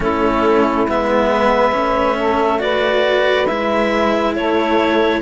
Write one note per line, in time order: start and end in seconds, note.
0.00 0.87 A3
0.00 0.87 C#4
0.00 1.29 E4
0.00 0.89 A4
0.87 1.74 G#3
0.87 1.72 B3
0.87 2.60 E5
1.29 2.16 B4
1.72 3.49 A3
1.72 2.59 C#4
2.17 2.61 A4
2.59 3.45 F#4
2.59 4.35 B4
2.59 3.46 D5
3.46 4.36 G#3
3.46 5.21 E4
3.46 4.33 E5
4.35 5.21 A3
4.35 5.21 A4
4.35 5.21 C#5